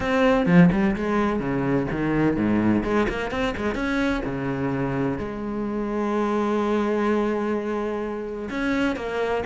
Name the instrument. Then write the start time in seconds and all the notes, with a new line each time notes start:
cello
0.00 C4
0.46 F3
0.72 G3
0.96 G#3
1.39 C#3
1.91 D#3
2.36 G#2
2.83 G#3
3.09 A#3
3.30 C4
3.56 G#3
3.74 C#4
4.25 C#3
5.18 G#3
8.50 C#4
8.96 A#3